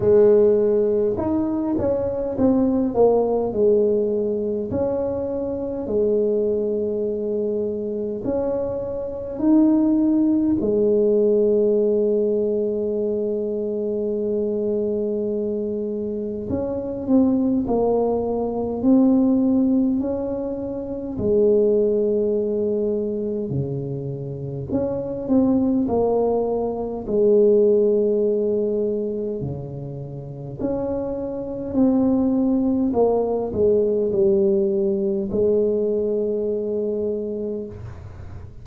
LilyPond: \new Staff \with { instrumentName = "tuba" } { \time 4/4 \tempo 4 = 51 gis4 dis'8 cis'8 c'8 ais8 gis4 | cis'4 gis2 cis'4 | dis'4 gis2.~ | gis2 cis'8 c'8 ais4 |
c'4 cis'4 gis2 | cis4 cis'8 c'8 ais4 gis4~ | gis4 cis4 cis'4 c'4 | ais8 gis8 g4 gis2 | }